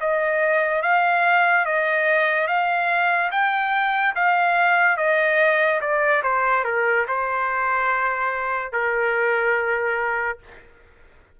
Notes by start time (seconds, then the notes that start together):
0.00 D#5
0.82 F5
1.65 D#5
2.47 F5
3.31 G5
4.15 F5
4.97 D#5
5.81 D5
6.23 C5
6.64 A#4
7.07 C5
8.72 A#4